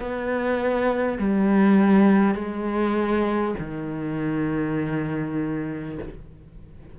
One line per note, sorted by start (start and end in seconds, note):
0.00 1.19 B3
1.19 2.35 G3
2.35 3.55 G#3
3.59 5.99 D#3